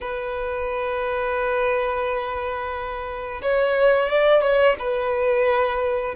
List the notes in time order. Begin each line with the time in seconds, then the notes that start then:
0.00 B4
3.42 C#5
4.09 D5
4.41 C#5
4.79 B4